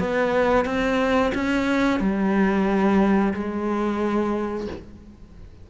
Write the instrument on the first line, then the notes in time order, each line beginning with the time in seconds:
cello
0.00 B3
0.66 C4
1.35 C#4
2.00 G3
3.34 G#3